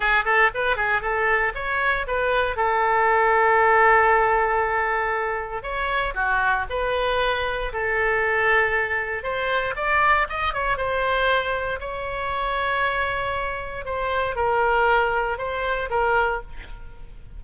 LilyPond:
\new Staff \with { instrumentName = "oboe" } { \time 4/4 \tempo 4 = 117 gis'8 a'8 b'8 gis'8 a'4 cis''4 | b'4 a'2.~ | a'2. cis''4 | fis'4 b'2 a'4~ |
a'2 c''4 d''4 | dis''8 cis''8 c''2 cis''4~ | cis''2. c''4 | ais'2 c''4 ais'4 | }